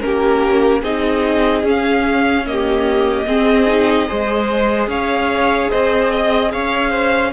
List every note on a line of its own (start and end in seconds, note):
0.00 0.82 A#3
0.00 0.82 C#4
0.00 0.81 G4
0.00 0.81 A#4
0.81 1.63 C4
0.81 1.63 D#4
0.81 2.43 G#4
0.81 1.64 D#5
1.63 3.25 C#4
1.63 2.44 C#4
1.69 2.46 F5
2.46 3.27 A#3
2.46 3.28 G4
2.46 4.89 D#5
3.26 4.07 C4
3.26 3.67 C4
3.26 4.08 G#4
3.67 4.07 D#4
4.07 4.87 G#3
4.07 7.32 G#4
4.07 4.89 C5
4.87 5.68 C#4
4.87 5.70 C#5
4.87 5.70 F5
5.70 6.54 C4
5.70 6.10 C5
5.70 6.51 D#5
6.10 6.51 D#5
6.51 7.33 C#4
6.51 6.90 C#5
6.51 7.32 F5
6.90 7.30 C5